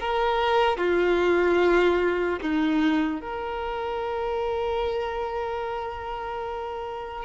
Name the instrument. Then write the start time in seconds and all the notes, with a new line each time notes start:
violin
0.00 A#4
0.77 F4
2.41 D#4
3.21 A#4